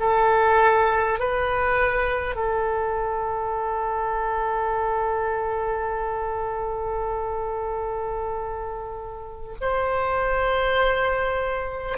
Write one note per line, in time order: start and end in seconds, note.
0.00 1.20 A4
1.20 2.36 B4
2.36 9.56 A4
9.61 11.98 C5